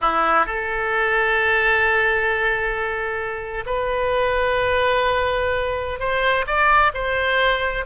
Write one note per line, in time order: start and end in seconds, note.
0.01 0.46 E4
0.46 3.64 A4
3.66 5.99 B4
5.99 6.45 C5
6.46 6.92 D5
6.94 7.85 C5